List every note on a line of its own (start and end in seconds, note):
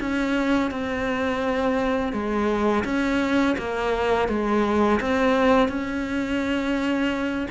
0.00 0.71 C#4
0.71 2.13 C4
2.13 2.84 G#3
2.85 3.56 C#4
3.58 4.29 A#3
4.29 5.00 G#3
5.01 5.69 C4
5.69 7.47 C#4